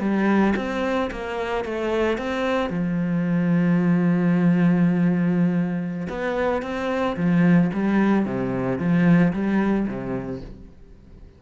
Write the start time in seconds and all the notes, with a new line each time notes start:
0.00 G3
0.57 C4
1.11 A#3
1.65 A3
2.18 C4
2.70 F3
6.09 B3
6.62 C4
7.17 F3
7.74 G3
8.25 C3
8.79 F3
9.33 G3
9.87 C3